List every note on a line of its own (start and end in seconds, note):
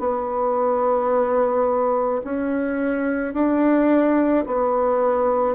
0.00 2.22 B3
2.24 3.34 C#4
3.34 4.45 D4
4.46 5.56 B3